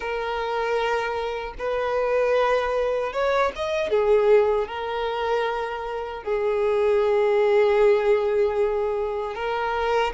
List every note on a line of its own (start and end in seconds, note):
0.00 1.54 A#4
1.58 3.12 B4
3.12 3.51 C#5
3.55 3.90 D#5
3.90 4.68 G#4
4.68 6.23 A#4
6.23 9.35 G#4
9.35 10.13 A#4